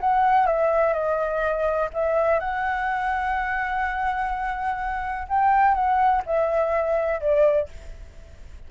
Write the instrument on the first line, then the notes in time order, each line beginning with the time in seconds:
flute
0.00 F#5
0.46 E5
0.93 D#5
1.93 E5
2.39 F#5
5.28 G5
5.74 F#5
6.26 E5
7.20 D5